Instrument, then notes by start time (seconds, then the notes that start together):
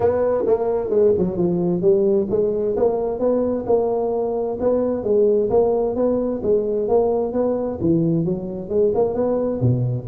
tuba
0.00 B3
0.46 A#3
0.90 G#3
1.17 F#3
1.37 F3
1.81 G3
2.29 G#3
2.76 A#3
3.19 B3
3.66 A#3
4.60 B3
5.03 G#3
5.50 A#3
5.95 B3
6.42 G#3
6.88 A#3
7.32 B3
7.80 E3
8.25 F#3
8.69 G#3
8.94 A#3
9.14 B3
9.61 B2